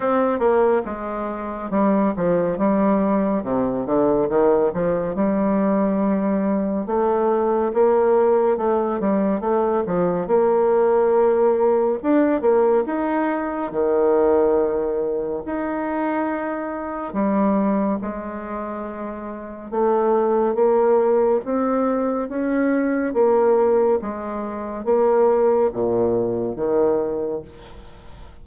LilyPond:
\new Staff \with { instrumentName = "bassoon" } { \time 4/4 \tempo 4 = 70 c'8 ais8 gis4 g8 f8 g4 | c8 d8 dis8 f8 g2 | a4 ais4 a8 g8 a8 f8 | ais2 d'8 ais8 dis'4 |
dis2 dis'2 | g4 gis2 a4 | ais4 c'4 cis'4 ais4 | gis4 ais4 ais,4 dis4 | }